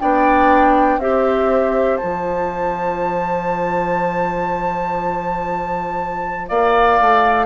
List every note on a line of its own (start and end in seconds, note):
0.00 0.98 B3
0.00 1.00 D4
0.00 1.00 D5
0.00 1.00 G5
0.98 1.98 C4
0.98 2.01 G4
0.98 6.49 C5
0.98 1.97 E5
1.97 7.46 F4
1.97 6.47 A5
2.04 6.50 F3
6.49 7.00 A#3
6.49 7.46 D5
6.49 7.46 F5
7.01 7.46 A3